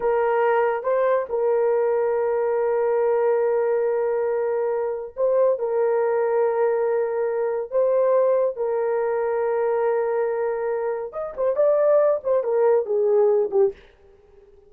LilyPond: \new Staff \with { instrumentName = "horn" } { \time 4/4 \tempo 4 = 140 ais'2 c''4 ais'4~ | ais'1~ | ais'1 | c''4 ais'2.~ |
ais'2 c''2 | ais'1~ | ais'2 dis''8 c''8 d''4~ | d''8 c''8 ais'4 gis'4. g'8 | }